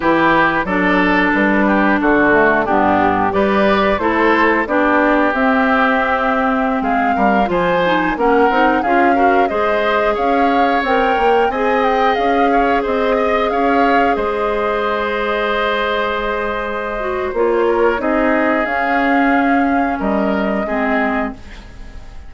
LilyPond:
<<
  \new Staff \with { instrumentName = "flute" } { \time 4/4 \tempo 4 = 90 b'4 d''4 b'4 a'4 | g'4 d''4 c''4 d''4 | e''2~ e''16 f''4 gis''8.~ | gis''16 fis''4 f''4 dis''4 f''8.~ |
f''16 g''4 gis''8 g''8 f''4 dis''8.~ | dis''16 f''4 dis''2~ dis''8.~ | dis''2 cis''4 dis''4 | f''2 dis''2 | }
  \new Staff \with { instrumentName = "oboe" } { \time 4/4 g'4 a'4. g'8 fis'4 | d'4 b'4 a'4 g'4~ | g'2~ g'16 gis'8 ais'8 c''8.~ | c''16 ais'4 gis'8 ais'8 c''4 cis''8.~ |
cis''4~ cis''16 dis''4. cis''8 c''8 dis''16~ | dis''16 cis''4 c''2~ c''8.~ | c''2~ c''8 ais'8 gis'4~ | gis'2 ais'4 gis'4 | }
  \new Staff \with { instrumentName = "clarinet" } { \time 4/4 e'4 d'2~ d'8 a8 | b4 g'4 e'4 d'4 | c'2.~ c'16 f'8 dis'16~ | dis'16 cis'8 dis'8 f'8 fis'8 gis'4.~ gis'16~ |
gis'16 ais'4 gis'2~ gis'8.~ | gis'1~ | gis'4. fis'8 f'4 dis'4 | cis'2. c'4 | }
  \new Staff \with { instrumentName = "bassoon" } { \time 4/4 e4 fis4 g4 d4 | g,4 g4 a4 b4 | c'2~ c'16 gis8 g8 f8.~ | f16 ais8 c'8 cis'4 gis4 cis'8.~ |
cis'16 c'8 ais8 c'4 cis'4 c'8.~ | c'16 cis'4 gis2~ gis8.~ | gis2 ais4 c'4 | cis'2 g4 gis4 | }
>>